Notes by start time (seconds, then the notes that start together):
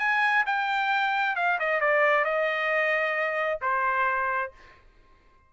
0.00 G#5
0.47 G5
1.36 F5
1.60 D#5
1.81 D5
2.25 D#5
3.62 C5